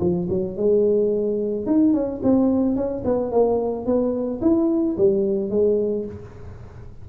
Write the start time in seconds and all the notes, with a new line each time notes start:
0.00 F3
0.30 F#3
0.57 G#3
1.66 D#4
1.93 C#4
2.23 C4
2.76 C#4
3.05 B3
3.32 A#3
3.86 B3
4.42 E4
4.97 G3
5.50 G#3